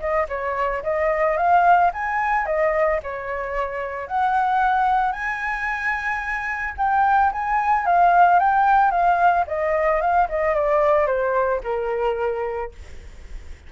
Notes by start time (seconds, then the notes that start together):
0.00 D#5
0.29 C#5
0.84 D#5
1.37 F5
1.94 G#5
2.46 D#5
3.03 C#5
4.08 F#5
5.13 G#5
6.78 G5
7.32 G#5
7.86 F5
8.40 G5
8.91 F5
9.47 D#5
10.01 F5
10.29 D#5
10.55 D5
11.07 C5
11.64 A#4